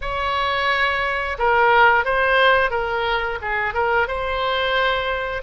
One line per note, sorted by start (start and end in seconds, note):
0.01 1.37 C#5
1.38 2.04 A#4
2.04 2.70 C5
2.70 3.38 A#4
3.41 3.74 G#4
3.74 4.07 A#4
4.07 5.42 C5